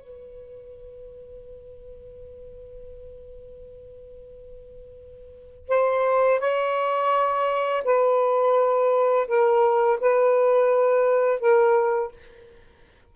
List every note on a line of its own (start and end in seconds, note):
0.00 5.69 B4
5.69 6.40 C5
6.40 7.82 C#5
7.84 9.27 B4
9.28 9.99 A#4
10.00 11.40 B4
11.40 12.11 A#4